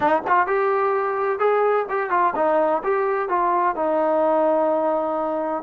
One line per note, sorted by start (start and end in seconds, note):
0.00 0.22 D#4
0.27 0.46 F4
0.46 1.39 G4
1.39 1.86 G#4
1.89 2.10 G4
2.10 2.33 F4
2.35 2.82 D#4
2.83 3.28 G4
3.28 3.75 F4
3.75 5.63 D#4